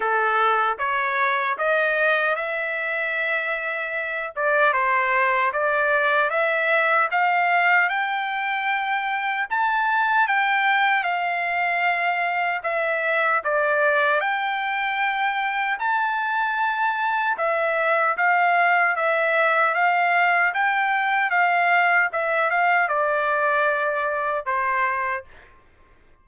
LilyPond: \new Staff \with { instrumentName = "trumpet" } { \time 4/4 \tempo 4 = 76 a'4 cis''4 dis''4 e''4~ | e''4. d''8 c''4 d''4 | e''4 f''4 g''2 | a''4 g''4 f''2 |
e''4 d''4 g''2 | a''2 e''4 f''4 | e''4 f''4 g''4 f''4 | e''8 f''8 d''2 c''4 | }